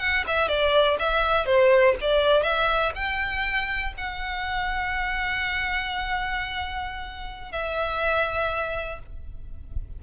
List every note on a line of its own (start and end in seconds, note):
0.00 0.25 F#5
0.27 0.49 E5
0.49 0.98 D5
0.99 1.46 E5
1.46 1.95 C5
2.01 2.43 D5
2.43 2.92 E5
2.95 3.93 G5
3.98 7.52 F#5
7.52 8.99 E5